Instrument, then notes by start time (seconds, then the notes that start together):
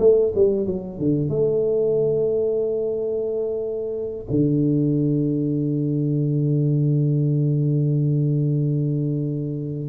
tuba
0.00 A3
0.35 G3
0.67 F#3
0.99 D3
1.29 A3
4.31 D3